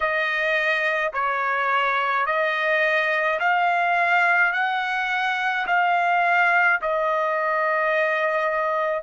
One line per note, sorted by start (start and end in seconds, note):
0.00 1.12 D#5
1.13 2.25 C#5
2.25 3.39 D#5
3.39 4.52 F5
4.53 5.66 F#5
5.66 6.79 F5
6.81 9.03 D#5